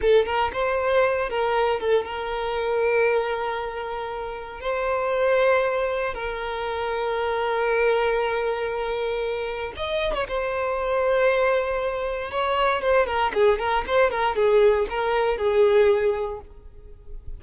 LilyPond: \new Staff \with { instrumentName = "violin" } { \time 4/4 \tempo 4 = 117 a'8 ais'8 c''4. ais'4 a'8 | ais'1~ | ais'4 c''2. | ais'1~ |
ais'2. dis''8. cis''16 | c''1 | cis''4 c''8 ais'8 gis'8 ais'8 c''8 ais'8 | gis'4 ais'4 gis'2 | }